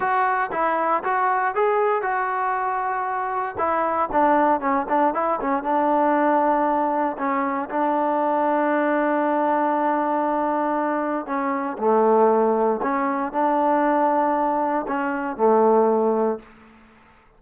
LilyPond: \new Staff \with { instrumentName = "trombone" } { \time 4/4 \tempo 4 = 117 fis'4 e'4 fis'4 gis'4 | fis'2. e'4 | d'4 cis'8 d'8 e'8 cis'8 d'4~ | d'2 cis'4 d'4~ |
d'1~ | d'2 cis'4 a4~ | a4 cis'4 d'2~ | d'4 cis'4 a2 | }